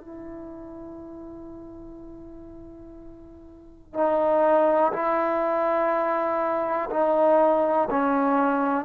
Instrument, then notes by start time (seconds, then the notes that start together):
trombone
0.00 E4
3.93 D#4
4.92 E4
6.90 D#4
7.90 C#4